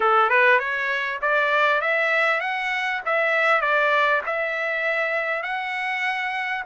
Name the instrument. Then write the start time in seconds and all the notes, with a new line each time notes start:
trumpet
0.00 A4
0.29 B4
0.59 C#5
1.21 D5
1.81 E5
2.40 F#5
3.05 E5
3.61 D5
4.26 E5
5.42 F#5